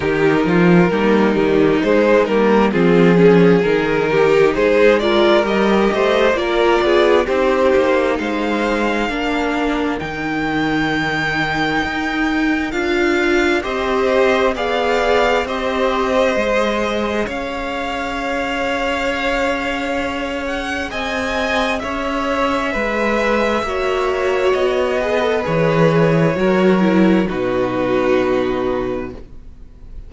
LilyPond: <<
  \new Staff \with { instrumentName = "violin" } { \time 4/4 \tempo 4 = 66 ais'2 c''8 ais'8 gis'4 | ais'4 c''8 d''8 dis''4 d''4 | c''4 f''2 g''4~ | g''2 f''4 dis''4 |
f''4 dis''2 f''4~ | f''2~ f''8 fis''8 gis''4 | e''2. dis''4 | cis''2 b'2 | }
  \new Staff \with { instrumentName = "violin" } { \time 4/4 g'8 f'8 dis'2 f'8 gis'8~ | gis'8 g'8 gis'8 ais'4 c''8 ais'8 gis'8 | g'4 c''4 ais'2~ | ais'2. c''4 |
d''4 c''2 cis''4~ | cis''2. dis''4 | cis''4 b'4 cis''4. b'8~ | b'4 ais'4 fis'2 | }
  \new Staff \with { instrumentName = "viola" } { \time 4/4 dis'4 ais8 g8 gis8 ais8 c'8 cis'8 | dis'4. f'8 g'4 f'4 | dis'2 d'4 dis'4~ | dis'2 f'4 g'4 |
gis'4 g'4 gis'2~ | gis'1~ | gis'2 fis'4. gis'16 a'16 | gis'4 fis'8 e'8 dis'2 | }
  \new Staff \with { instrumentName = "cello" } { \time 4/4 dis8 f8 g8 dis8 gis8 g8 f4 | dis4 gis4 g8 a8 ais8 b8 | c'8 ais8 gis4 ais4 dis4~ | dis4 dis'4 d'4 c'4 |
b4 c'4 gis4 cis'4~ | cis'2. c'4 | cis'4 gis4 ais4 b4 | e4 fis4 b,2 | }
>>